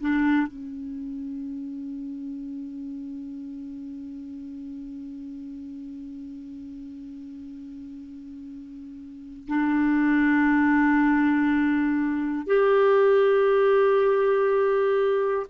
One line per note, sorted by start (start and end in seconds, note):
0.00 0.47 D4
0.47 9.47 C#4
9.47 12.47 D4
12.47 15.47 G4